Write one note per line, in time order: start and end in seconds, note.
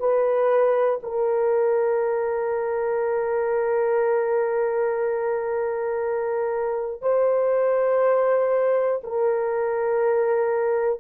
0.00 1.00 B4
1.03 7.02 A#4
7.02 9.02 C5
9.04 11.00 A#4